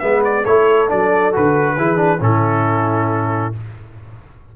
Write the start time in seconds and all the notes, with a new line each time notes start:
0.00 G#3 B3 B4 E5
0.25 D5
0.43 A3 E4 A4 C#5
0.89 F#3 D4 D5
1.33 D3 F#4 B4
1.77 E3 E4 G#4
1.97 D4
2.21 A2 C#4 E4 A4